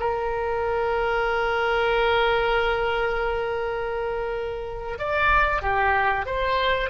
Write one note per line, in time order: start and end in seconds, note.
0.00 4.99 A#4
4.99 5.62 D5
5.62 6.26 G4
6.26 6.90 C5